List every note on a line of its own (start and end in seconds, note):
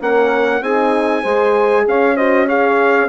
0.00 0.61 A#3
0.00 0.62 C#4
0.00 0.62 A#4
0.00 0.63 F#5
0.61 1.23 C4
0.61 1.23 D#4
0.61 1.22 G#4
0.61 1.87 G#5
1.22 1.86 G#3
1.22 2.16 G#4
1.22 1.84 C5
1.87 3.10 C#4
1.87 2.15 C#5
1.87 2.17 F5
2.15 2.48 F#4
2.15 2.46 C5
2.15 2.48 D#5
2.46 3.09 G#4
2.46 3.08 C#5
2.46 3.10 F5